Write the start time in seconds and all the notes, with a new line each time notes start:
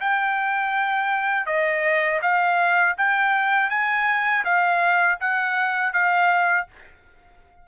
0.00 G5
1.46 D#5
2.21 F5
2.97 G5
3.69 G#5
4.44 F5
5.20 F#5
5.93 F5